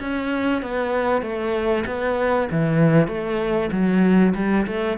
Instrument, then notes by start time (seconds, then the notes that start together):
cello
0.00 C#4
0.62 B3
1.22 A3
1.86 B3
2.51 E3
3.08 A3
3.72 F#3
4.35 G3
4.67 A3